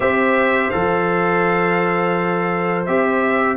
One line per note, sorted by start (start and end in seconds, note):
0.00 0.71 C4
0.00 0.71 G4
0.00 3.56 C5
0.00 0.70 E5
0.70 2.87 F3
0.70 2.86 A4
0.70 2.84 F5
2.85 3.56 C4
2.85 3.56 G4
2.85 3.56 E5